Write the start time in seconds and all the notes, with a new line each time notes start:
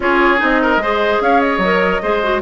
0.00 C#4 F4 G#4 C#5
0.37 C4 D#4 D#5
0.61 A#4
0.77 G#3 G#4 C5
1.21 C#4 C#5 F5
1.40 D#5
1.57 F#3 A#4
2.02 G#3 G#4 C5
2.23 F#4